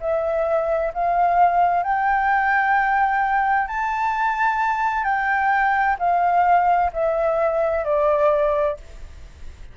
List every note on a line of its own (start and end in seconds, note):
0.00 0.92 E5
0.93 1.83 F5
1.83 3.67 G5
3.68 5.03 A5
5.03 5.96 G5
5.99 6.91 F5
6.93 7.84 E5
7.84 8.77 D5